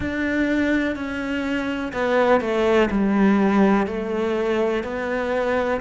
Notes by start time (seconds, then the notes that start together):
0.00 D4
0.95 C#4
1.93 B3
2.40 A3
2.90 G3
3.86 A3
4.83 B3